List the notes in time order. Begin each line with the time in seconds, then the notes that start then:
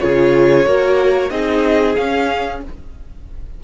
0.00 C#3 F4 G#4 C#5
0.66 A#3 F#4 A#4
1.30 C4 D#4 G#4 D#5
1.96 C#4 F5